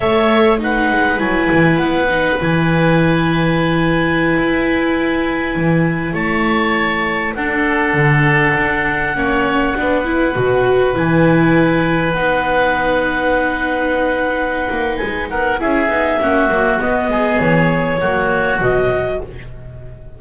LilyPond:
<<
  \new Staff \with { instrumentName = "clarinet" } { \time 4/4 \tempo 4 = 100 e''4 fis''4 gis''4 fis''4 | gis''1~ | gis''2~ gis''16 a''4.~ a''16~ | a''16 fis''2.~ fis''8.~ |
fis''2~ fis''16 gis''4.~ gis''16~ | gis''16 fis''2.~ fis''8.~ | fis''4 gis''8 fis''8 e''2 | dis''4 cis''2 dis''4 | }
  \new Staff \with { instrumentName = "oboe" } { \time 4/4 cis''4 b'2.~ | b'1~ | b'2~ b'16 cis''4.~ cis''16~ | cis''16 a'2. cis''8.~ |
cis''16 b'2.~ b'8.~ | b'1~ | b'4. ais'8 gis'4 fis'4~ | fis'8 gis'4. fis'2 | }
  \new Staff \with { instrumentName = "viola" } { \time 4/4 a'4 dis'4 e'4. dis'8 | e'1~ | e'1~ | e'16 d'2. cis'8.~ |
cis'16 d'8 e'8 fis'4 e'4.~ e'16~ | e'16 dis'2.~ dis'8.~ | dis'2 e'8 dis'8 cis'8 ais8 | b2 ais4 fis4 | }
  \new Staff \with { instrumentName = "double bass" } { \time 4/4 a4. gis8 fis8 e8 b4 | e2.~ e16 e'8.~ | e'4~ e'16 e4 a4.~ a16~ | a16 d'4 d4 d'4 ais8.~ |
ais16 b4 b,4 e4.~ e16~ | e16 b2.~ b8.~ | b8 ais8 gis8 b8 cis'8 b8 ais8 fis8 | b8 gis8 e4 fis4 b,4 | }
>>